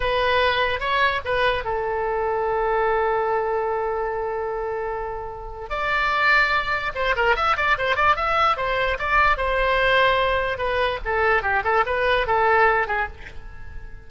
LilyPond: \new Staff \with { instrumentName = "oboe" } { \time 4/4 \tempo 4 = 147 b'2 cis''4 b'4 | a'1~ | a'1~ | a'2 d''2~ |
d''4 c''8 ais'8 e''8 d''8 c''8 d''8 | e''4 c''4 d''4 c''4~ | c''2 b'4 a'4 | g'8 a'8 b'4 a'4. gis'8 | }